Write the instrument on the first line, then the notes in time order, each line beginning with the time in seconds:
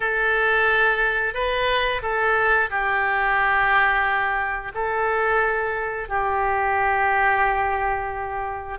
oboe
0.00 A4
1.34 B4
2.02 A4
2.70 G4
4.74 A4
6.09 G4